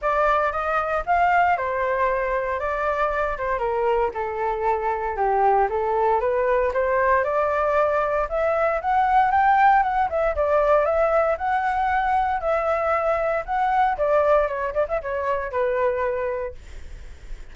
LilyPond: \new Staff \with { instrumentName = "flute" } { \time 4/4 \tempo 4 = 116 d''4 dis''4 f''4 c''4~ | c''4 d''4. c''8 ais'4 | a'2 g'4 a'4 | b'4 c''4 d''2 |
e''4 fis''4 g''4 fis''8 e''8 | d''4 e''4 fis''2 | e''2 fis''4 d''4 | cis''8 d''16 e''16 cis''4 b'2 | }